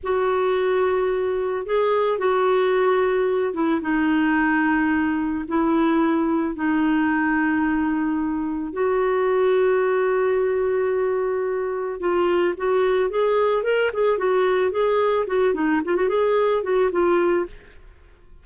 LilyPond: \new Staff \with { instrumentName = "clarinet" } { \time 4/4 \tempo 4 = 110 fis'2. gis'4 | fis'2~ fis'8 e'8 dis'4~ | dis'2 e'2 | dis'1 |
fis'1~ | fis'2 f'4 fis'4 | gis'4 ais'8 gis'8 fis'4 gis'4 | fis'8 dis'8 f'16 fis'16 gis'4 fis'8 f'4 | }